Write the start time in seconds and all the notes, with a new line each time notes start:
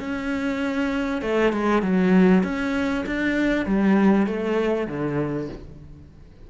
0.00 C#4
1.22 A3
1.53 G#3
1.83 F#3
2.44 C#4
3.07 D4
3.66 G3
4.27 A3
4.88 D3